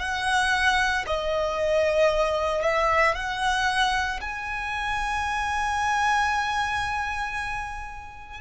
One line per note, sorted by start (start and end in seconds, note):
0.00 1.05 F#5
1.07 2.62 D#5
2.62 3.15 E5
3.15 4.20 F#5
4.21 8.41 G#5